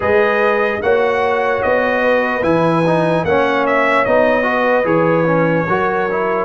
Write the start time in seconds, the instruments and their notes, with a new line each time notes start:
0.00 tuba G#3, trombone G#4, horn B4, trumpet D#5
0.81 tuba A#3, trombone F#4, horn C#5, trumpet F#5
1.62 tuba B3, trumpet D#5
2.02 horn B4
2.42 tuba E3, trombone E4, trumpet G#5
2.86 trombone D#4
3.24 tuba A#3, trombone C#4, horn C#5, trumpet F#5
3.66 trumpet E5
4.04 tuba B3, trombone D#4, trumpet D#5
4.42 trombone F#4, horn B4
4.84 tuba E3, trombone G#4, trumpet C#5
5.26 trombone C#4
5.67 tuba F#3, trombone F#4, horn A#4
6.10 trombone E4